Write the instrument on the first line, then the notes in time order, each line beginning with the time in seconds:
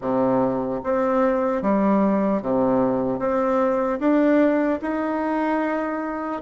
bassoon
0.01 C3
0.83 C4
1.62 G3
2.41 C3
3.19 C4
3.99 D4
4.81 D#4